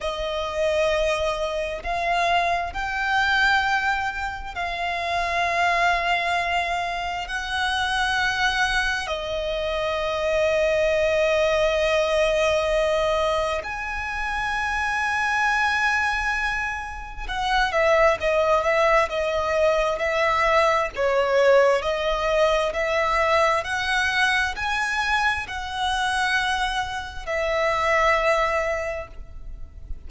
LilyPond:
\new Staff \with { instrumentName = "violin" } { \time 4/4 \tempo 4 = 66 dis''2 f''4 g''4~ | g''4 f''2. | fis''2 dis''2~ | dis''2. gis''4~ |
gis''2. fis''8 e''8 | dis''8 e''8 dis''4 e''4 cis''4 | dis''4 e''4 fis''4 gis''4 | fis''2 e''2 | }